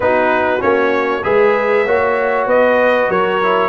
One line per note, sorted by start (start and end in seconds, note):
0.00 0.60 B3
0.00 0.60 D#4
0.00 1.23 F#4
0.00 0.61 B4
0.60 1.24 A#3
0.60 1.22 C#4
0.60 1.23 C#5
1.23 1.86 G#3
1.23 1.85 G#4
1.23 1.85 B4
1.23 2.47 E5
1.85 2.46 A#3
1.85 3.42 F#4
1.85 2.47 C#5
2.46 3.08 B3
2.46 3.09 B4
2.46 3.10 D#5
3.09 3.69 F#3
3.09 3.69 A#4
3.09 3.69 C#5
3.42 3.69 E4